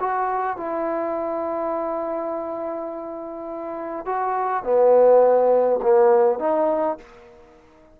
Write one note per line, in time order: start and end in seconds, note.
0.00 0.56 F#4
0.56 4.05 E4
4.05 4.63 F#4
4.63 5.80 B3
5.82 6.39 A#3
6.39 6.97 D#4